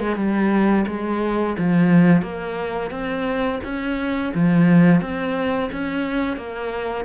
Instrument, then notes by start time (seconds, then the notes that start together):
cello
0.00 G#3
0.16 G3
0.87 G#3
1.58 F3
2.22 A#3
2.91 C4
3.64 C#4
4.35 F3
5.02 C4
5.72 C#4
6.37 A#3